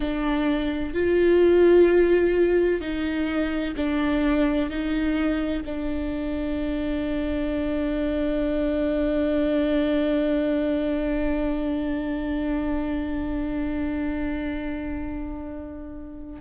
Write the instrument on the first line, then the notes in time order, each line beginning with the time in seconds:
viola
0.00 D4
0.94 F4
2.80 D#4
3.76 D4
4.70 D#4
5.64 D4